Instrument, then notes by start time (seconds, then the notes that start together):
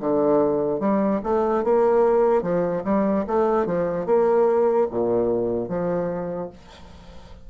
bassoon
0.00 D3
0.80 G3
1.24 A3
1.64 A#3
2.43 F3
2.85 G3
3.28 A3
3.66 F3
4.06 A#3
4.91 A#2
5.69 F3